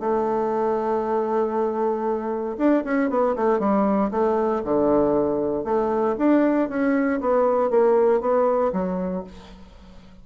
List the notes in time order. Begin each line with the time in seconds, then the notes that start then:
0.00 A3
2.58 D4
2.84 C#4
3.10 B3
3.36 A3
3.59 G3
4.11 A3
4.64 D3
5.64 A3
6.18 D4
6.69 C#4
7.21 B3
7.70 A#3
8.21 B3
8.72 F#3